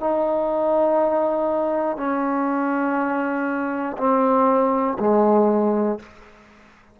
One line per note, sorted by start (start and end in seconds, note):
0.00 1.97 D#4
1.97 3.97 C#4
3.98 4.98 C4
5.00 6.00 G#3